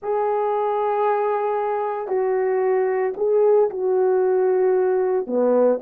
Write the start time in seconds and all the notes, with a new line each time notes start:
0.02 G#4
2.07 F#4
3.17 G#4
3.70 F#4
5.27 B3